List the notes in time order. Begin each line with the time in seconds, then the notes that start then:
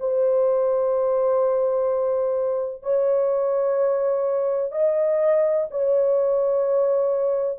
0.00 C5
2.83 C#5
4.72 D#5
5.71 C#5